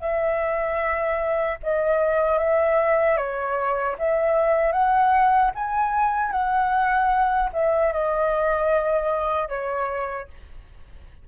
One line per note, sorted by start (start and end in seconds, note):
0.00 1.58 E5
1.63 2.38 D#5
2.38 3.17 E5
3.17 3.96 C#5
3.98 4.72 E5
4.72 5.51 F#5
5.54 6.31 G#5
6.31 7.50 F#5
7.53 7.92 E5
7.92 9.48 D#5
9.48 10.27 C#5